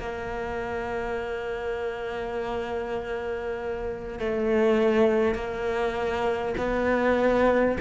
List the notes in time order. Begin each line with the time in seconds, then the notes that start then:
0.00 A#3
4.20 A3
5.35 A#3
6.58 B3